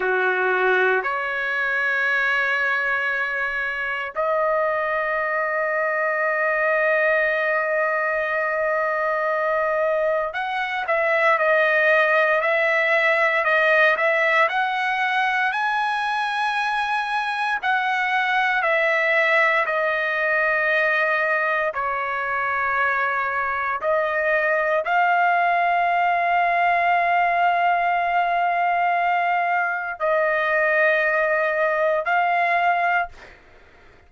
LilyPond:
\new Staff \with { instrumentName = "trumpet" } { \time 4/4 \tempo 4 = 58 fis'4 cis''2. | dis''1~ | dis''2 fis''8 e''8 dis''4 | e''4 dis''8 e''8 fis''4 gis''4~ |
gis''4 fis''4 e''4 dis''4~ | dis''4 cis''2 dis''4 | f''1~ | f''4 dis''2 f''4 | }